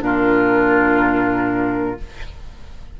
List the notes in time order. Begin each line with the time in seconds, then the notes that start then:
0.00 A#2 D4 F4 A#4